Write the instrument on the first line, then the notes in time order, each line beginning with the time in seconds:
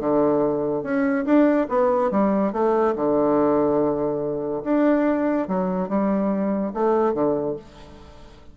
bassoon
0.00 D3
0.84 C#4
1.26 D4
1.69 B3
2.11 G3
2.53 A3
2.96 D3
4.64 D4
5.48 F#3
5.89 G3
6.74 A3
7.14 D3